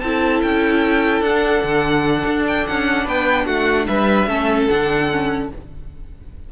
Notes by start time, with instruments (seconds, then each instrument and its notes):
0.00 cello C4, viola E4, violin A4 A5
0.42 cello C#4, violin G5
1.21 cello D4, violin F#5
1.27 viola D4
1.63 cello D3
2.25 cello D4
2.48 violin G5
2.67 cello C#4, violin F#5
3.04 cello B3, violin B4 G5
3.46 cello A3, violin F#4 F#5
3.87 cello G3, violin B4 E5
4.28 cello A3, viola C#4, violin A4
4.68 cello D3, viola D4, violin F#5
5.11 viola C#4